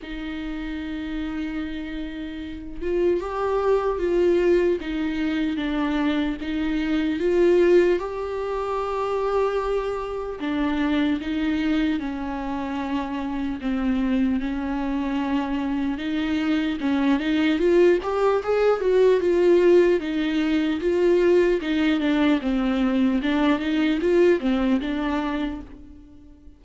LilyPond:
\new Staff \with { instrumentName = "viola" } { \time 4/4 \tempo 4 = 75 dis'2.~ dis'8 f'8 | g'4 f'4 dis'4 d'4 | dis'4 f'4 g'2~ | g'4 d'4 dis'4 cis'4~ |
cis'4 c'4 cis'2 | dis'4 cis'8 dis'8 f'8 g'8 gis'8 fis'8 | f'4 dis'4 f'4 dis'8 d'8 | c'4 d'8 dis'8 f'8 c'8 d'4 | }